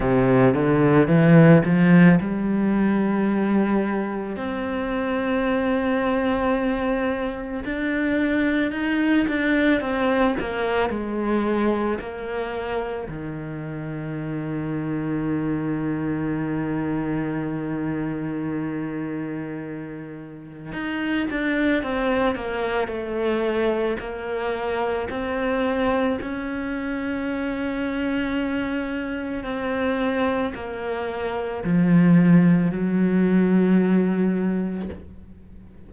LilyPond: \new Staff \with { instrumentName = "cello" } { \time 4/4 \tempo 4 = 55 c8 d8 e8 f8 g2 | c'2. d'4 | dis'8 d'8 c'8 ais8 gis4 ais4 | dis1~ |
dis2. dis'8 d'8 | c'8 ais8 a4 ais4 c'4 | cis'2. c'4 | ais4 f4 fis2 | }